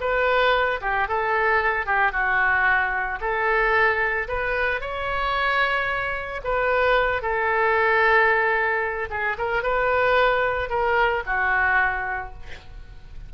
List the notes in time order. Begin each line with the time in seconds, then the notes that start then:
0.00 B4
0.81 G4
1.08 A4
1.86 G4
2.12 F#4
3.20 A4
4.28 B4
4.80 C#5
6.44 B4
7.22 A4
9.10 G#4
9.38 A#4
9.63 B4
10.69 A#4
11.26 F#4